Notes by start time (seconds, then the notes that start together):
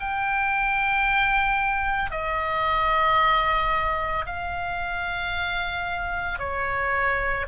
0.00 G5
2.11 D#5
4.26 F5
6.39 C#5